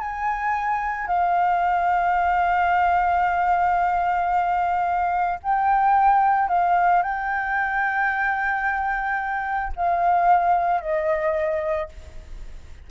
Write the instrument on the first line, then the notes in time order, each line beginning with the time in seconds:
flute
0.00 G#5
1.08 F5
5.43 G5
6.49 F5
7.03 G5
9.76 F5
10.81 D#5